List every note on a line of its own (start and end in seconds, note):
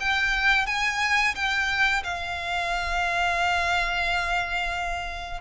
0.00 0.66 G5
0.66 1.35 G#5
1.35 2.03 G5
2.04 5.40 F5